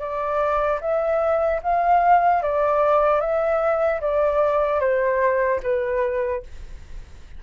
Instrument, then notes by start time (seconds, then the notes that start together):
flute
0.00 D5
0.81 E5
1.63 F5
2.43 D5
3.21 E5
4.01 D5
4.80 C5
5.63 B4